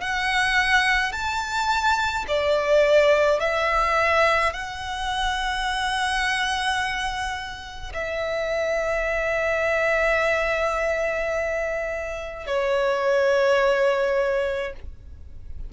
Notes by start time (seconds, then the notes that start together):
0.00 F#5
1.12 A5
2.27 D5
3.40 E5
4.53 F#5
7.93 E5
12.46 C#5